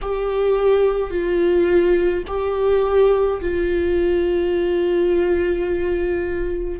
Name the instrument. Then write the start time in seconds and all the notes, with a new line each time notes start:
viola
0.01 G4
1.10 F4
2.26 G4
3.41 F4